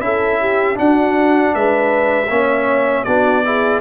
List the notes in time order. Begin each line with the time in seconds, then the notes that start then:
0.00 C#4 E4 A4 E5
0.40 G4
0.74 D4 F#4 F#5
1.54 G#3 B4 E5
2.29 A#3 C#4 C#5
3.03 B3 D4 F#4 D5
3.44 E4 G#4